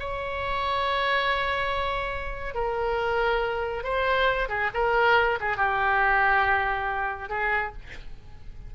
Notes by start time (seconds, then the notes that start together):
0.00 C#5
2.55 A#4
3.84 C5
4.49 G#4
4.74 A#4
5.41 G#4
5.57 G4
7.29 G#4